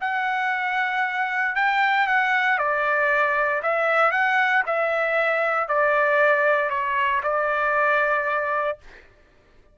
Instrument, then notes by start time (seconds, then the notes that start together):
trumpet
0.00 F#5
1.55 G5
2.06 F#5
2.58 D5
3.62 E5
4.11 F#5
4.66 E5
5.68 D5
6.69 C#5
7.22 D5